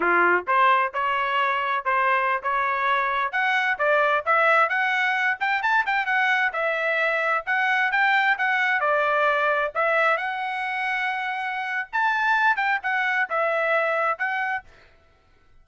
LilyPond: \new Staff \with { instrumentName = "trumpet" } { \time 4/4 \tempo 4 = 131 f'4 c''4 cis''2 | c''4~ c''16 cis''2 fis''8.~ | fis''16 d''4 e''4 fis''4. g''16~ | g''16 a''8 g''8 fis''4 e''4.~ e''16~ |
e''16 fis''4 g''4 fis''4 d''8.~ | d''4~ d''16 e''4 fis''4.~ fis''16~ | fis''2 a''4. g''8 | fis''4 e''2 fis''4 | }